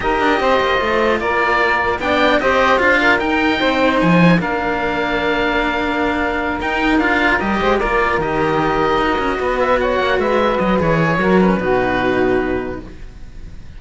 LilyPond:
<<
  \new Staff \with { instrumentName = "oboe" } { \time 4/4 \tempo 4 = 150 dis''2. d''4~ | d''4 g''4 dis''4 f''4 | g''2 gis''4 f''4~ | f''1~ |
f''8 g''4 f''4 dis''4 d''8~ | d''8 dis''2.~ dis''8 | e''8 fis''4 e''4 dis''8 cis''4~ | cis''8 b'2.~ b'8 | }
  \new Staff \with { instrumentName = "saxophone" } { \time 4/4 ais'4 c''2 ais'4~ | ais'4 d''4 c''4. ais'8~ | ais'4 c''2 ais'4~ | ais'1~ |
ais'2. c''8 ais'8~ | ais'2.~ ais'8 b'8~ | b'8 cis''4 b'2 gis'8 | ais'4 fis'2. | }
  \new Staff \with { instrumentName = "cello" } { \time 4/4 g'2 f'2~ | f'4 d'4 g'4 f'4 | dis'2. d'4~ | d'1~ |
d'8 dis'4 f'4 g'4 f'8~ | f'8 g'2 fis'4.~ | fis'2. gis'4 | fis'8 cis'8 dis'2. | }
  \new Staff \with { instrumentName = "cello" } { \time 4/4 dis'8 d'8 c'8 ais8 a4 ais4~ | ais4 b4 c'4 d'4 | dis'4 c'4 f4 ais4~ | ais1~ |
ais8 dis'4 d'4 g8 gis8 ais8~ | ais8 dis2 dis'8 cis'8 b8~ | b4 ais8 gis4 fis8 e4 | fis4 b,2. | }
>>